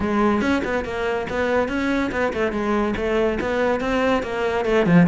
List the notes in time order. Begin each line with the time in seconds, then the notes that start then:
0.00 G#3
0.41 C#4
0.64 B3
0.84 A#3
1.29 B3
1.68 C#4
2.11 B3
2.33 A3
2.52 G#3
2.96 A3
3.40 B3
3.80 C4
4.23 A#3
4.65 A3
4.86 F3